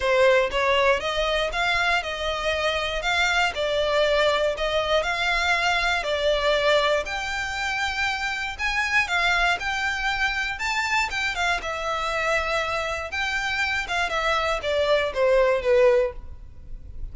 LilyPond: \new Staff \with { instrumentName = "violin" } { \time 4/4 \tempo 4 = 119 c''4 cis''4 dis''4 f''4 | dis''2 f''4 d''4~ | d''4 dis''4 f''2 | d''2 g''2~ |
g''4 gis''4 f''4 g''4~ | g''4 a''4 g''8 f''8 e''4~ | e''2 g''4. f''8 | e''4 d''4 c''4 b'4 | }